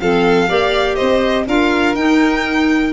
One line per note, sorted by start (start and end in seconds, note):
0.00 0.49 F3
0.00 0.48 C4
0.00 0.49 A4
0.00 0.96 F5
0.48 0.99 A#3
0.48 1.46 G4
0.48 0.96 D5
0.96 1.47 C4
0.96 1.45 C5
0.96 1.44 D#5
1.47 1.95 D4
1.47 1.96 F4
1.47 2.93 A#4
1.47 1.95 F5
1.95 2.93 D#4
1.95 2.93 G5